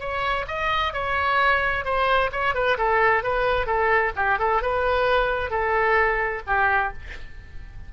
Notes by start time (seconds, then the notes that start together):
0.00 C#5
0.48 D#5
0.93 C#5
1.85 C5
2.32 C#5
2.54 B4
2.78 A4
3.23 B4
3.66 A4
4.16 G4
4.39 A4
4.62 B4
5.51 A4
6.47 G4